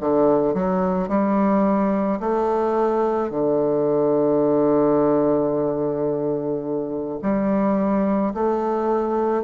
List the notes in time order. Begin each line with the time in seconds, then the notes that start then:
0.00 D3
0.54 F#3
1.08 G3
2.20 A3
3.30 D3
7.22 G3
8.34 A3